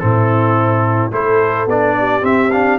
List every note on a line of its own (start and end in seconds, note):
0.00 1.12 A2
0.00 1.12 C4
0.00 1.13 E4
0.00 1.11 A4
1.12 1.67 A3
1.12 1.68 E4
1.12 1.96 A4
1.12 1.69 C5
1.67 2.23 B3
1.67 2.22 D4
1.67 2.25 D5
1.99 2.79 G4
2.22 2.50 C4
2.22 2.79 C4
2.22 2.51 E5
2.51 2.79 D4
2.51 2.79 F5